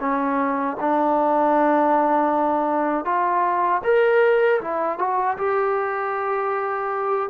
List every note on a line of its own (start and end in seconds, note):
0.00 0.77 C#4
0.80 3.05 D4
3.05 3.82 F4
3.84 4.60 A#4
4.61 4.99 E4
4.99 5.37 F#4
5.37 7.29 G4